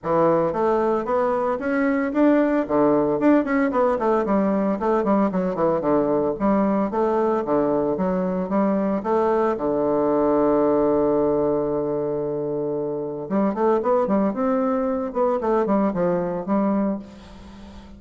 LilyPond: \new Staff \with { instrumentName = "bassoon" } { \time 4/4 \tempo 4 = 113 e4 a4 b4 cis'4 | d'4 d4 d'8 cis'8 b8 a8 | g4 a8 g8 fis8 e8 d4 | g4 a4 d4 fis4 |
g4 a4 d2~ | d1~ | d4 g8 a8 b8 g8 c'4~ | c'8 b8 a8 g8 f4 g4 | }